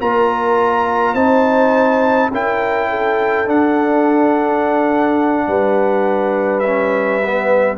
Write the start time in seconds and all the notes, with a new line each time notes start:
0.00 A#3 F4 A#4 A#5
1.14 C4 D#4 C5 A5
2.31 C#4 E4 A#4 G5
2.89 A4
3.46 D4 F#5
5.47 G3 B4
6.59 C#4 E5
7.23 B3